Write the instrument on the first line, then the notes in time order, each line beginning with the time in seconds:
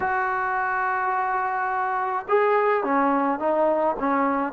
trombone
0.00 F#4
2.28 G#4
2.83 C#4
3.39 D#4
3.99 C#4